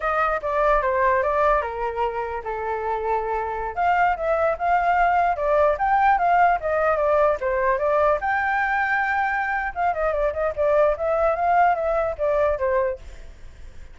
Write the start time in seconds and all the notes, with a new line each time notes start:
0.00 D#5
0.41 D5
0.82 C5
1.22 D5
1.61 A#4
2.44 A4
3.75 F5
4.16 E5
4.58 F5
5.36 D5
5.78 G5
6.18 F5
6.60 D#5
6.96 D5
7.40 C5
7.78 D5
8.20 G5
9.74 F5
9.93 D#5
10.12 D5
10.33 D#5
10.56 D5
10.97 E5
11.35 F5
11.75 E5
12.18 D5
12.58 C5